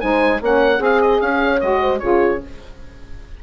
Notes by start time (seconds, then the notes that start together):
0.00 G#3 D#4 C5 G#5
0.41 A#3 C#4 C#5 F#5
0.78 C4 G#4 F5
1.01 D#5
1.21 C#4 F5
1.44 C#5
1.60 G#3 F#4 D#5
1.81 C5
1.99 C#3 F4 G#4 C#5